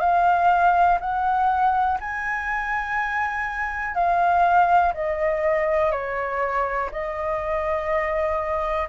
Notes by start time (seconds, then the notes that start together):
0.00 F5
1.00 F#5
2.00 G#5
3.95 F5
4.94 D#5
5.91 C#5
6.92 D#5